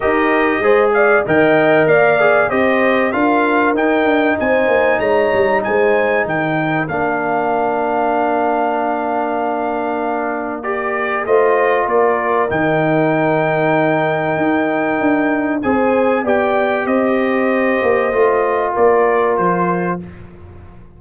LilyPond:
<<
  \new Staff \with { instrumentName = "trumpet" } { \time 4/4 \tempo 4 = 96 dis''4. f''8 g''4 f''4 | dis''4 f''4 g''4 gis''4 | ais''4 gis''4 g''4 f''4~ | f''1~ |
f''4 d''4 dis''4 d''4 | g''1~ | g''4 gis''4 g''4 dis''4~ | dis''2 d''4 c''4 | }
  \new Staff \with { instrumentName = "horn" } { \time 4/4 ais'4 c''8 d''8 dis''4 d''4 | c''4 ais'2 c''4 | cis''4 c''4 ais'2~ | ais'1~ |
ais'2 c''4 ais'4~ | ais'1~ | ais'4 c''4 d''4 c''4~ | c''2 ais'2 | }
  \new Staff \with { instrumentName = "trombone" } { \time 4/4 g'4 gis'4 ais'4. gis'8 | g'4 f'4 dis'2~ | dis'2. d'4~ | d'1~ |
d'4 g'4 f'2 | dis'1~ | dis'4 gis'4 g'2~ | g'4 f'2. | }
  \new Staff \with { instrumentName = "tuba" } { \time 4/4 dis'4 gis4 dis4 ais4 | c'4 d'4 dis'8 d'8 c'8 ais8 | gis8 g8 gis4 dis4 ais4~ | ais1~ |
ais2 a4 ais4 | dis2. dis'4 | d'4 c'4 b4 c'4~ | c'8 ais8 a4 ais4 f4 | }
>>